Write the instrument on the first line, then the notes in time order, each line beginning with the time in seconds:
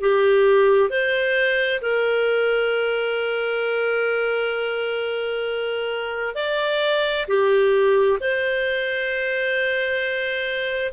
clarinet
0.00 G4
0.89 C5
1.81 A#4
6.35 D5
7.27 G4
8.20 C5